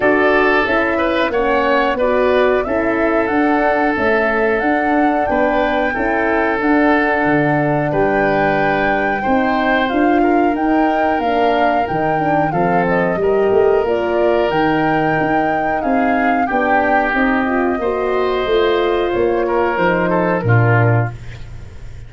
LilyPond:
<<
  \new Staff \with { instrumentName = "flute" } { \time 4/4 \tempo 4 = 91 d''4 e''4 fis''4 d''4 | e''4 fis''4 e''4 fis''4 | g''2 fis''2 | g''2. f''4 |
g''4 f''4 g''4 f''8 dis''8~ | dis''4 d''4 g''2 | f''4 g''4 dis''2~ | dis''4 cis''4 c''4 ais'4 | }
  \new Staff \with { instrumentName = "oboe" } { \time 4/4 a'4. b'8 cis''4 b'4 | a'1 | b'4 a'2. | b'2 c''4. ais'8~ |
ais'2. a'4 | ais'1 | gis'4 g'2 c''4~ | c''4. ais'4 a'8 f'4 | }
  \new Staff \with { instrumentName = "horn" } { \time 4/4 fis'4 e'4 cis'4 fis'4 | e'4 d'4 a4 d'4~ | d'4 e'4 d'2~ | d'2 dis'4 f'4 |
dis'4 d'4 dis'8 d'8 c'4 | g'4 f'4 dis'2~ | dis'4 d'4 dis'8 f'8 fis'4 | f'2 dis'4 d'4 | }
  \new Staff \with { instrumentName = "tuba" } { \time 4/4 d'4 cis'4 ais4 b4 | cis'4 d'4 cis'4 d'4 | b4 cis'4 d'4 d4 | g2 c'4 d'4 |
dis'4 ais4 dis4 f4 | g8 a8 ais4 dis4 dis'4 | c'4 b4 c'4 ais4 | a4 ais4 f4 ais,4 | }
>>